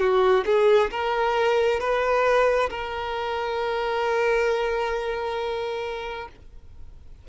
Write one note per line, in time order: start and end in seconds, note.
0.00 0.45 F#4
0.46 0.91 G#4
0.91 1.81 A#4
1.81 2.70 B4
2.70 6.28 A#4